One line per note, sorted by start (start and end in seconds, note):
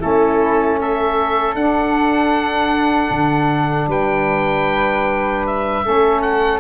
0.00 1.55 A3
0.00 1.56 C#4
0.00 0.79 E4
0.00 0.80 A4
0.81 3.89 A4
0.81 1.56 E5
1.55 3.11 D4
1.55 5.83 D4
1.55 3.89 F#5
3.11 3.88 D3
3.88 5.83 G3
3.88 5.84 B4
3.88 5.47 G5
5.47 6.22 E5
5.83 6.60 A3
5.83 6.60 C#4
5.83 6.60 A4
6.22 6.60 F#5